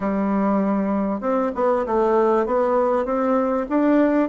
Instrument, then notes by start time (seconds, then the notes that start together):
bassoon
0.00 G3
1.21 C4
1.54 B3
1.86 A3
2.46 B3
3.05 C4
3.69 D4